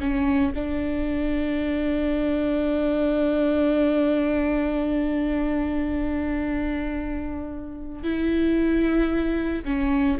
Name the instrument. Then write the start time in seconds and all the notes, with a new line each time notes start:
viola
0.00 C#4
0.55 D4
8.04 E4
9.65 C#4